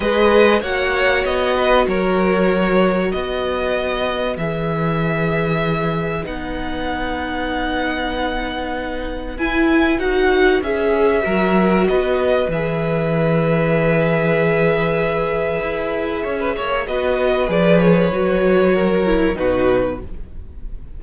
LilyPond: <<
  \new Staff \with { instrumentName = "violin" } { \time 4/4 \tempo 4 = 96 dis''4 fis''4 dis''4 cis''4~ | cis''4 dis''2 e''4~ | e''2 fis''2~ | fis''2. gis''4 |
fis''4 e''2 dis''4 | e''1~ | e''2. dis''4 | d''8 cis''2~ cis''8 b'4 | }
  \new Staff \with { instrumentName = "violin" } { \time 4/4 b'4 cis''4. b'8 ais'4~ | ais'4 b'2.~ | b'1~ | b'1~ |
b'2 ais'4 b'4~ | b'1~ | b'2 cis''16 b'16 cis''8 b'4~ | b'2 ais'4 fis'4 | }
  \new Staff \with { instrumentName = "viola" } { \time 4/4 gis'4 fis'2.~ | fis'2. gis'4~ | gis'2 dis'2~ | dis'2. e'4 |
fis'4 gis'4 fis'2 | gis'1~ | gis'2. fis'4 | gis'4 fis'4. e'8 dis'4 | }
  \new Staff \with { instrumentName = "cello" } { \time 4/4 gis4 ais4 b4 fis4~ | fis4 b2 e4~ | e2 b2~ | b2. e'4 |
dis'4 cis'4 fis4 b4 | e1~ | e4 e'4 cis'8 ais8 b4 | f4 fis2 b,4 | }
>>